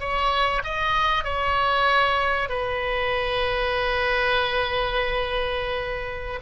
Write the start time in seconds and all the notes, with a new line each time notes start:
0.00 C#5
0.64 D#5
1.25 C#5
2.49 B4